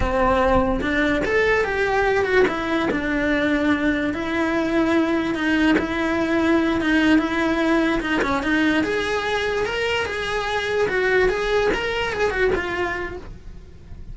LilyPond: \new Staff \with { instrumentName = "cello" } { \time 4/4 \tempo 4 = 146 c'2 d'4 a'4 | g'4. fis'8 e'4 d'4~ | d'2 e'2~ | e'4 dis'4 e'2~ |
e'8 dis'4 e'2 dis'8 | cis'8 dis'4 gis'2 ais'8~ | ais'8 gis'2 fis'4 gis'8~ | gis'8 ais'4 gis'8 fis'8 f'4. | }